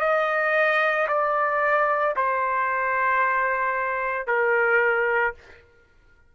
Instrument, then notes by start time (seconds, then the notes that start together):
trumpet
0.00 D#5
1.08 D5
2.16 C5
4.27 A#4